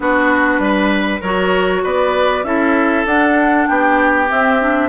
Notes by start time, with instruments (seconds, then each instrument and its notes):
0.00 bassoon B3, clarinet D4, oboe F#4, flute B4
0.58 bassoon G3, oboe B4
1.20 bassoon F#3, clarinet F#4, oboe A#4, flute C#5
1.83 bassoon B3, oboe B4, flute D5
2.43 bassoon C#4, clarinet E4, oboe A4, flute E5
3.05 bassoon D4, clarinet D4, flute F#5
3.67 bassoon B3, oboe G4, flute G5
4.28 clarinet C4, bassoon C4, flute E5
4.59 clarinet D4